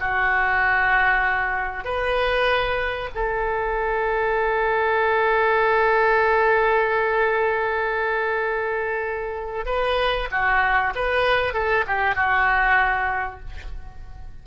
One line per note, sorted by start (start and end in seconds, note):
0.00 1.84 F#4
1.84 3.09 B4
3.15 9.66 A4
9.66 10.28 B4
10.31 10.93 F#4
10.95 11.53 B4
11.53 11.85 A4
11.87 12.15 G4
12.15 13.40 F#4